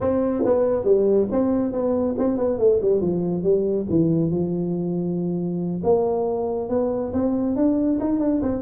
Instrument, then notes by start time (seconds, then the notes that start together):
tuba
0.00 C4
0.45 B3
0.84 G3
1.31 C4
1.72 B3
2.18 C4
2.37 B3
2.58 A3
2.81 G3
3.01 F3
3.43 G3
3.89 E3
4.30 F3
5.83 A#3
6.69 B3
7.13 C4
7.56 D4
8.00 D#4
8.19 D4
8.42 C4